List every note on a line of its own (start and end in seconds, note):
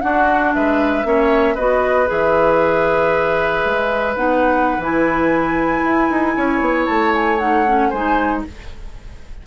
0.00 1.04 D4
0.00 0.55 D4
0.00 0.55 F#4
0.00 0.52 F#5
0.53 1.04 G#3
0.53 1.06 B4
0.53 1.56 E5
1.04 1.56 A#3
1.04 1.55 C#4
1.04 1.54 C#5
1.54 2.08 B3
1.54 2.06 F#4
1.54 6.33 B4
1.54 2.08 D#5
2.06 3.64 E3
2.06 4.12 G#4
2.06 4.16 E5
3.64 4.15 G#3
4.15 4.78 B3
4.15 4.80 D#4
4.15 4.81 F#5
4.78 5.81 E3
4.78 7.39 E4
4.78 6.86 G#5
5.83 6.09 E4
6.10 6.35 D#4
6.36 6.60 C#4
6.36 7.89 C#5
6.60 6.86 B3
6.86 7.92 A3
6.86 7.12 A5
7.13 7.38 G#5
7.38 7.64 D#4
7.38 7.90 F#5
7.66 7.92 C#4
7.89 8.44 G#3
7.89 8.46 D#4
7.89 8.41 C5
7.89 8.41 G#5